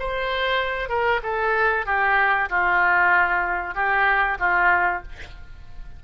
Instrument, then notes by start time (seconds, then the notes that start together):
oboe
0.00 C5
0.90 A#4
1.23 A4
1.86 G4
2.50 F4
3.75 G4
4.40 F4